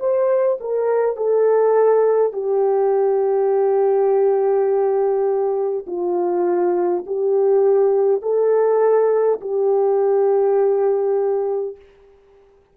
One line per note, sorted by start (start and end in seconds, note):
0.00 0.59 C5
0.61 1.17 A#4
1.17 2.33 A4
2.33 5.86 G4
5.87 7.05 F4
7.07 8.22 G4
8.22 9.40 A4
9.41 11.76 G4